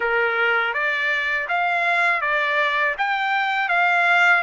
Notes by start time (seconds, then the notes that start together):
0.00 A#4
0.73 D5
1.48 F5
2.21 D5
2.98 G5
3.68 F5